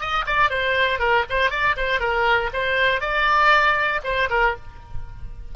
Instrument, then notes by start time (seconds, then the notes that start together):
oboe
0.00 D#5
0.26 D5
0.50 C5
0.99 A#4
1.30 C5
1.50 D5
1.77 C5
2.00 A#4
2.53 C5
3.00 D5
4.03 C5
4.30 A#4